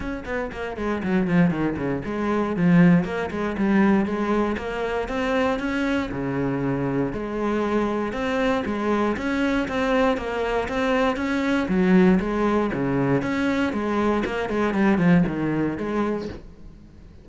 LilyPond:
\new Staff \with { instrumentName = "cello" } { \time 4/4 \tempo 4 = 118 cis'8 b8 ais8 gis8 fis8 f8 dis8 cis8 | gis4 f4 ais8 gis8 g4 | gis4 ais4 c'4 cis'4 | cis2 gis2 |
c'4 gis4 cis'4 c'4 | ais4 c'4 cis'4 fis4 | gis4 cis4 cis'4 gis4 | ais8 gis8 g8 f8 dis4 gis4 | }